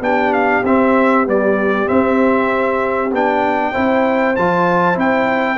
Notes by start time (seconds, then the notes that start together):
0.00 B3 D4 G4 G5
0.33 F5
0.63 C4 E5
1.25 G3 B3 D5
1.86 C4 E5
3.12 B3 D4 G5
3.71 C4 E4 C5
4.36 F3 F4 A5
4.94 C4 E4 G5